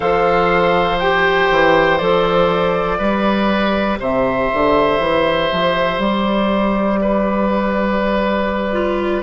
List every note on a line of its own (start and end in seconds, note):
0.00 1.50 F3
0.00 0.97 A4
0.00 2.98 C5
0.00 0.99 F5
0.99 2.00 G4
0.99 1.97 G5
1.50 2.00 E3
1.97 2.99 F3
1.97 2.99 A4
1.97 3.98 D5
2.98 3.99 G3
2.98 8.72 G4
2.98 3.98 B4
3.99 4.50 C3
3.99 6.99 C5
3.99 6.00 E5
4.53 4.99 D3
4.99 5.49 E3
5.52 5.98 F3
5.98 9.22 G3
5.98 9.22 D5
7.01 9.22 B4
8.72 9.22 F4